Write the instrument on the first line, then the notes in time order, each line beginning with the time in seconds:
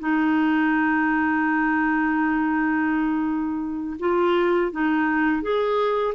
clarinet
0.00 D#4
4.00 F4
4.72 D#4
5.42 G#4